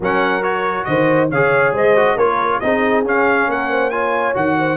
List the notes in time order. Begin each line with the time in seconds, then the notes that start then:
0.00 F#3 C#4 A#4 F#5
0.42 F#4 C#5
0.84 D#3 C5 D#5
1.30 C#3 G#4 C#5 F5
1.71 G#3 C5 D#5
1.96 F#4
2.16 A#3 F4 A#4 C#5
2.60 C4 D#4 G#4 D#5
3.04 C#4 F5
3.47 A#3 A#4 F#5
3.69 C5
3.90 F4 C#5 G#5
4.33 D#3 F#4 F#5
4.58 C5